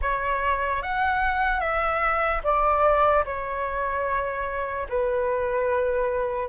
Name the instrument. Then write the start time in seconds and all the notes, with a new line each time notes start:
flute
0.01 C#5
0.82 F#5
1.60 E5
2.43 D5
3.25 C#5
4.89 B4